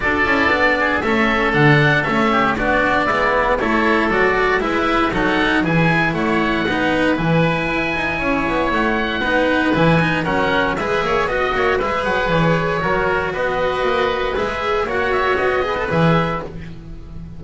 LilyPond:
<<
  \new Staff \with { instrumentName = "oboe" } { \time 4/4 \tempo 4 = 117 d''2 e''4 fis''4 | e''4 d''2 cis''4 | d''4 e''4 fis''4 gis''4 | fis''2 gis''2~ |
gis''4 fis''2 gis''4 | fis''4 e''4 dis''4 e''8 fis''8 | cis''2 dis''2 | e''4 fis''8 e''8 dis''4 e''4 | }
  \new Staff \with { instrumentName = "oboe" } { \time 4/4 a'4. gis'8 a'2~ | a'8 g'8 fis'4 e'4 a'4~ | a'4 b'4 a'4 gis'4 | cis''4 b'2. |
cis''2 b'2 | ais'4 b'8 cis''8 dis''8 cis''8 b'4~ | b'4 ais'4 b'2~ | b'4 cis''4. b'4. | }
  \new Staff \with { instrumentName = "cello" } { \time 4/4 fis'8 e'8 d'4 cis'4 d'4 | cis'4 d'4 b4 e'4 | fis'4 e'4 dis'4 e'4~ | e'4 dis'4 e'2~ |
e'2 dis'4 e'8 dis'8 | cis'4 gis'4 fis'4 gis'4~ | gis'4 fis'2. | gis'4 fis'4. gis'16 a'16 gis'4 | }
  \new Staff \with { instrumentName = "double bass" } { \time 4/4 d'8 cis'8 b4 a4 d4 | a4 b4 gis4 a4 | fis4 gis4 fis4 e4 | a4 b4 e4 e'8 dis'8 |
cis'8 b8 a4 b4 e4 | fis4 gis8 ais8 b8 ais8 gis8 fis8 | e4 fis4 b4 ais4 | gis4 ais4 b4 e4 | }
>>